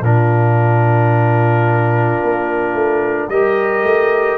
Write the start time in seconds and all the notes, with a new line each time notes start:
0.00 A#2 D4 F4 A#4
2.23 A#3
2.73 A3
3.28 G3 G4 A#4 D#5
3.83 A3